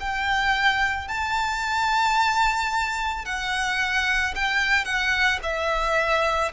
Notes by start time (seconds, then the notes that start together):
0.00 G5
1.08 A5
3.25 F#5
4.35 G5
4.84 F#5
5.42 E5